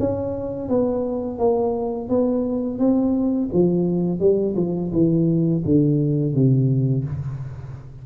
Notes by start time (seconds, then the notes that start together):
0.00 C#4
0.69 B3
1.39 A#3
2.09 B3
2.79 C4
3.54 F3
4.20 G3
4.57 F3
4.93 E3
5.65 D3
6.34 C3